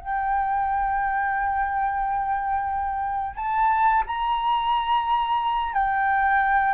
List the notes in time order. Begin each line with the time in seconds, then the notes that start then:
0.00 G5
3.36 A5
4.07 A#5
5.74 G5